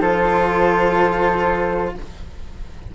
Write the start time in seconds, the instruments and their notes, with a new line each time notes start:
0.00 bassoon F3, cello F4, flute A4 C5